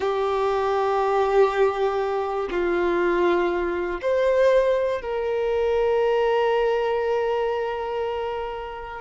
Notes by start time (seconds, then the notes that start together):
0.00 G4
2.50 F4
4.01 C5
5.01 A#4